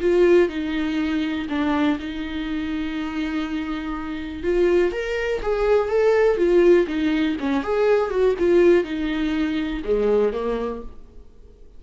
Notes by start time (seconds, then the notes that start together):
0.00 F4
0.49 D#4
1.49 D4
1.99 D#4
4.43 F4
4.92 A#4
5.42 G#4
5.89 A4
6.37 F4
6.87 D#4
7.40 C#4
7.63 G#4
8.10 F#4
8.39 F4
8.84 D#4
9.84 G#3
10.33 A#3